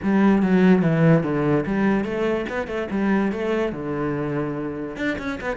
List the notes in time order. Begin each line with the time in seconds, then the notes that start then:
0.02 G3
0.42 F#3
0.82 E3
1.23 D3
1.66 G3
2.04 A3
2.49 B3
2.67 A3
2.90 G3
3.31 A3
3.72 D3
4.96 D4
5.18 C#4
5.41 B3